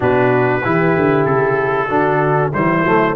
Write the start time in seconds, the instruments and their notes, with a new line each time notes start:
0.00 tuba B2, trombone D4, horn F#4, trumpet B4
0.63 tuba E3, trombone E4, horn G4
0.96 tuba D3
1.25 tuba C#3, trumpet A4
1.88 tuba D3, trombone D4, horn F#4
2.52 tuba E3, trombone G3, horn E4, trumpet C5
2.83 tuba F#3, trombone A3